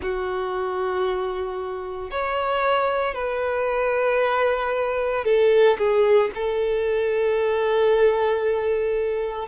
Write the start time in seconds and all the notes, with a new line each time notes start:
0.01 F#4
2.11 C#5
3.14 B4
5.24 A4
5.78 G#4
6.34 A4